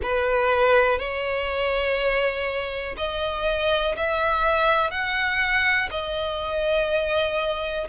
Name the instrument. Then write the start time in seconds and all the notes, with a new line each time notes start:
violin
0.02 B4
0.98 C#5
2.97 D#5
3.96 E5
4.90 F#5
5.91 D#5